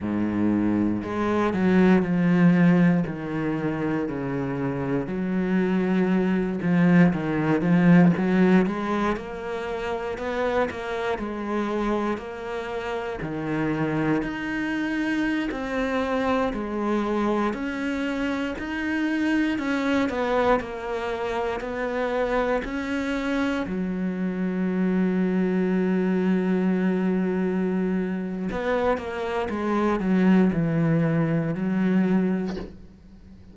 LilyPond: \new Staff \with { instrumentName = "cello" } { \time 4/4 \tempo 4 = 59 gis,4 gis8 fis8 f4 dis4 | cis4 fis4. f8 dis8 f8 | fis8 gis8 ais4 b8 ais8 gis4 | ais4 dis4 dis'4~ dis'16 c'8.~ |
c'16 gis4 cis'4 dis'4 cis'8 b16~ | b16 ais4 b4 cis'4 fis8.~ | fis1 | b8 ais8 gis8 fis8 e4 fis4 | }